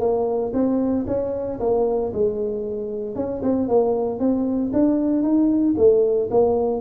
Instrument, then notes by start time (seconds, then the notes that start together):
tuba
0.00 A#3
0.53 C4
1.07 C#4
1.60 A#3
2.14 G#3
3.15 C#4
3.43 C4
3.68 A#3
4.20 C4
4.73 D4
5.22 D#4
5.77 A3
6.31 A#3